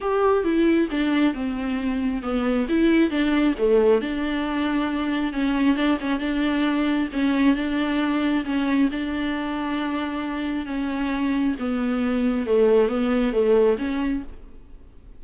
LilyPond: \new Staff \with { instrumentName = "viola" } { \time 4/4 \tempo 4 = 135 g'4 e'4 d'4 c'4~ | c'4 b4 e'4 d'4 | a4 d'2. | cis'4 d'8 cis'8 d'2 |
cis'4 d'2 cis'4 | d'1 | cis'2 b2 | a4 b4 a4 cis'4 | }